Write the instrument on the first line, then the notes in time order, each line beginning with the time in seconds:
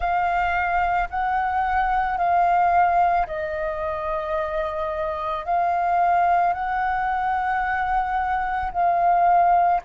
flute
0.00 F5
1.10 F#5
2.17 F5
3.27 D#5
5.45 F5
6.53 F#5
8.72 F5